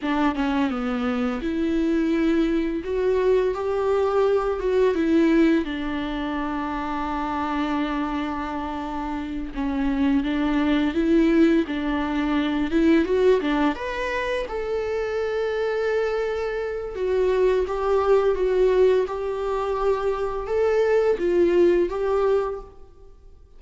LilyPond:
\new Staff \with { instrumentName = "viola" } { \time 4/4 \tempo 4 = 85 d'8 cis'8 b4 e'2 | fis'4 g'4. fis'8 e'4 | d'1~ | d'4. cis'4 d'4 e'8~ |
e'8 d'4. e'8 fis'8 d'8 b'8~ | b'8 a'2.~ a'8 | fis'4 g'4 fis'4 g'4~ | g'4 a'4 f'4 g'4 | }